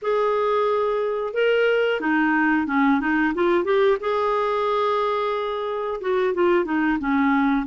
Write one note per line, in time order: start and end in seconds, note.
0.02 1.33 G#4
1.33 2.00 A#4
2.00 2.67 D#4
2.67 3.00 C#4
3.00 3.33 D#4
3.34 3.64 F4
3.64 3.97 G4
4.00 6.00 G#4
6.01 6.34 F#4
6.34 6.65 F4
6.65 6.98 D#4
6.99 7.65 C#4